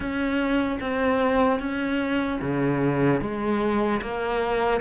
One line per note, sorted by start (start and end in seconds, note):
0.00 0.79 C#4
0.80 1.59 C4
1.59 2.39 C#4
2.41 3.20 C#3
3.20 4.00 G#3
4.01 4.80 A#3